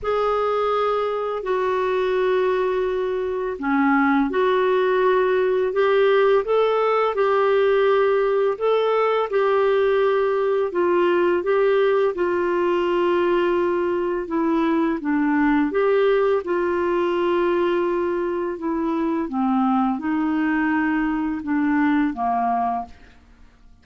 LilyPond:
\new Staff \with { instrumentName = "clarinet" } { \time 4/4 \tempo 4 = 84 gis'2 fis'2~ | fis'4 cis'4 fis'2 | g'4 a'4 g'2 | a'4 g'2 f'4 |
g'4 f'2. | e'4 d'4 g'4 f'4~ | f'2 e'4 c'4 | dis'2 d'4 ais4 | }